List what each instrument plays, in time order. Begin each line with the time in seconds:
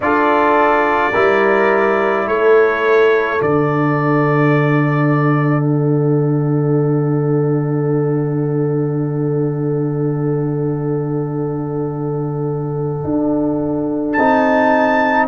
0.00 tuba D4, trombone F4, horn A4, trumpet D5
1.12 tuba G3, trombone E4, horn A#4
2.25 tuba A3, horn A4, trumpet C#5
3.39 tuba D3, trombone D4, trumpet D5
5.63 trumpet F#5
13.04 tuba D4
14.12 tuba C4, trombone D#4, trumpet A5